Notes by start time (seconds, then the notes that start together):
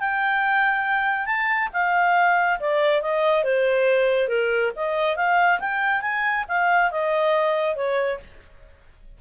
0.00 G5
1.26 A5
1.73 F5
2.60 D5
3.02 D#5
3.44 C5
4.29 A#4
4.76 D#5
5.16 F5
5.60 G5
6.02 G#5
6.48 F5
6.91 D#5
7.76 C#5